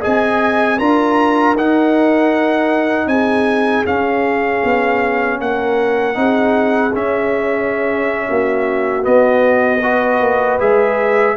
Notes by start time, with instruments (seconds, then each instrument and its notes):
0.00 tuba C4, trombone G#4, horn D#5, trumpet G#5
0.77 tuba D4, trombone F4, horn A#4, trumpet A#5
1.56 tuba D#4, trombone D#4, trumpet F#5
3.06 tuba C4, horn G#4, trumpet G#5
3.85 trombone C#4, tuba C#4, trumpet F5
4.63 tuba B3
5.39 tuba A#3, horn A#4, trumpet F#5
6.14 tuba C4, trombone D#4, horn G#4
6.93 trombone C#4, tuba C#4, trumpet E5
8.28 tuba A#3, horn F#4
9.02 trombone B3, tuba B3, trumpet D#5
9.81 trombone F#4, horn B4
10.20 tuba A#3
10.59 tuba G#3, trombone G#4, trumpet E5